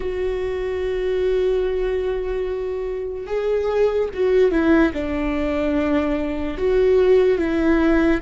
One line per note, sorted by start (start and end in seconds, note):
0.00 3.27 F#4
3.27 4.09 G#4
4.13 4.51 F#4
4.51 4.92 E4
4.93 6.57 D4
6.57 7.37 F#4
7.37 8.20 E4